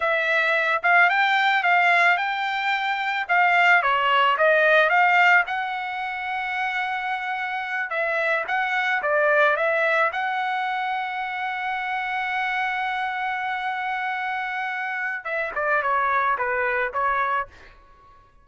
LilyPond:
\new Staff \with { instrumentName = "trumpet" } { \time 4/4 \tempo 4 = 110 e''4. f''8 g''4 f''4 | g''2 f''4 cis''4 | dis''4 f''4 fis''2~ | fis''2~ fis''8 e''4 fis''8~ |
fis''8 d''4 e''4 fis''4.~ | fis''1~ | fis''1 | e''8 d''8 cis''4 b'4 cis''4 | }